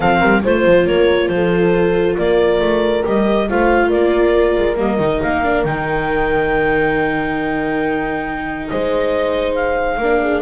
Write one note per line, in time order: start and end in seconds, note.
0.00 0.21 F3
0.00 0.43 C4
0.00 0.20 A4
0.00 0.42 F5
0.20 0.43 G3
0.20 0.41 A#4
0.43 0.65 A3
0.43 3.03 F4
0.43 0.87 C5
0.65 0.86 F3
0.86 1.28 A#3
0.86 1.31 A#4
0.86 1.28 C#5
1.28 2.15 F3
1.28 2.18 A4
1.28 2.15 C5
2.18 2.60 A#3
2.18 3.48 A#4
2.18 3.05 D5
2.60 3.03 A3
3.03 3.49 G3
3.03 3.46 G4
3.03 3.49 D#5
3.49 3.93 A3
3.49 4.76 F4
3.49 3.87 C5
3.49 3.89 F5
3.87 4.57 A#3
3.87 8.65 A#4
3.87 4.76 D5
4.57 4.77 G#3
4.76 4.98 G3
4.76 4.98 A#3
4.76 5.21 D#5
4.98 5.20 D#3
4.98 5.44 D#4
5.21 5.64 A#3
5.21 5.64 F5
5.44 5.65 D4
5.64 8.68 D#3
5.64 10.01 D#4
5.64 8.67 G5
8.67 9.97 G#3
8.67 9.99 C5
8.67 9.54 D#5
9.54 10.41 F5
9.97 10.41 A#3
9.97 10.41 D4
9.97 10.21 A#4
10.22 10.41 G#4